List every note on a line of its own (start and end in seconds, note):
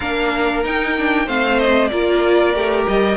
0.00 0.64 A#3
0.00 0.64 D4
0.00 1.26 A#4
0.00 0.64 F5
0.64 0.96 D#4
0.64 1.27 D#4
0.64 1.28 G5
0.97 1.26 D4
1.26 1.91 A3
1.26 1.90 C4
1.26 1.89 C5
1.26 1.59 F5
1.59 1.87 D#5
1.87 2.54 A#3
1.87 2.53 F4
1.87 3.17 A#4
1.87 2.83 D5
2.53 2.86 A3
2.53 3.17 G4
2.87 3.17 G3
2.87 3.17 D#5